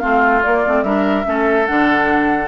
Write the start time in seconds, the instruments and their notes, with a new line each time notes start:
0.00 bassoon A3, clarinet C4, oboe F4, flute F5
0.42 clarinet A#3, bassoon A#3, flute D5
0.66 bassoon A3, clarinet C4
0.83 bassoon G3, clarinet D4, oboe A#4, flute E5
1.23 bassoon A3, clarinet C#4, oboe A4
1.66 bassoon D3, clarinet D4, flute F#5